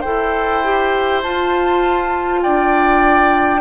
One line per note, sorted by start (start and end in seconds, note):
0.00 1.24 E4
0.00 0.64 A4
0.00 2.40 C5
0.00 1.21 G5
0.64 1.24 G4
1.22 3.60 F4
1.22 2.44 F4
1.22 2.42 A5
2.42 3.60 D4
2.42 3.60 D5
2.42 3.60 G5